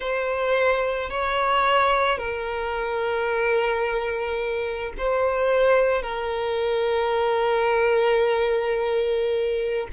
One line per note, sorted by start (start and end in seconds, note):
0.00 1.10 C5
1.10 2.17 C#5
2.17 4.93 A#4
4.97 6.02 C5
6.02 9.87 A#4